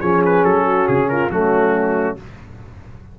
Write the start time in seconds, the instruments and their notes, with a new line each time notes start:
0.00 tuba F3, trombone C#4, horn G#4, trumpet C#5
0.25 trumpet B4
0.44 tuba F#3, trumpet A4
0.65 horn F#4
0.87 tuba C#3, trumpet G#4
1.09 horn F4, trumpet A#4
1.30 tuba F#3, trombone A3, horn C#4, trumpet F#4